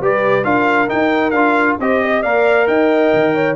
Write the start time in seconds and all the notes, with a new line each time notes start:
0.00 G3 G4 B4 D5
0.44 D4 F4 A#4 F5
0.89 D#4 G5
1.31 D4 F4 F5
1.80 C4 G4 C5 D#5
2.03 D#5
2.23 A#3 A#4 D5 F5
2.68 D#4 D#5 G5
3.14 D#3
3.35 C#5